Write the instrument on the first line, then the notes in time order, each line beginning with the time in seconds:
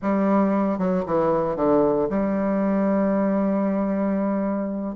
bassoon
0.01 G3
0.78 F#3
1.06 E3
1.56 D3
2.09 G3